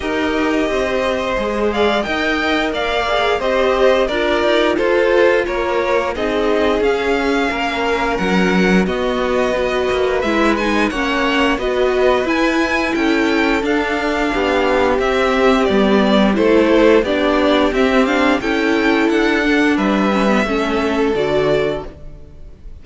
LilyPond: <<
  \new Staff \with { instrumentName = "violin" } { \time 4/4 \tempo 4 = 88 dis''2~ dis''8 f''8 g''4 | f''4 dis''4 d''4 c''4 | cis''4 dis''4 f''2 | fis''4 dis''2 e''8 gis''8 |
fis''4 dis''4 gis''4 g''4 | f''2 e''4 d''4 | c''4 d''4 e''8 f''8 g''4 | fis''4 e''2 d''4 | }
  \new Staff \with { instrumentName = "violin" } { \time 4/4 ais'4 c''4. d''8 dis''4 | d''4 c''4 ais'4 a'4 | ais'4 gis'2 ais'4~ | ais'4 fis'4 b'2 |
cis''4 b'2 a'4~ | a'4 g'2. | a'4 g'2 a'4~ | a'4 b'4 a'2 | }
  \new Staff \with { instrumentName = "viola" } { \time 4/4 g'2 gis'4 ais'4~ | ais'8 gis'8 g'4 f'2~ | f'4 dis'4 cis'2~ | cis'4 b4 fis'4 e'8 dis'8 |
cis'4 fis'4 e'2 | d'2 c'4 b4 | e'4 d'4 c'8 d'8 e'4~ | e'8 d'4 cis'16 b16 cis'4 fis'4 | }
  \new Staff \with { instrumentName = "cello" } { \time 4/4 dis'4 c'4 gis4 dis'4 | ais4 c'4 d'8 dis'8 f'4 | ais4 c'4 cis'4 ais4 | fis4 b4. ais8 gis4 |
ais4 b4 e'4 cis'4 | d'4 b4 c'4 g4 | a4 b4 c'4 cis'4 | d'4 g4 a4 d4 | }
>>